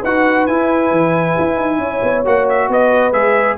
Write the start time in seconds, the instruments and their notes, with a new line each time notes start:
0.00 tuba D#4, trombone F#4, horn B4, trumpet F#5
0.46 tuba E4, trombone E4, trumpet G#5
0.91 tuba E3
1.38 tuba E4
1.57 tuba D#4
1.78 tuba C#4, horn C#5
2.02 tuba B3
2.25 tuba A#3, trombone F#4, trumpet F#5
2.49 trumpet E5
2.68 tuba B3, horn B4, trumpet D#5
3.13 tuba G#3, trombone G#4, trumpet E5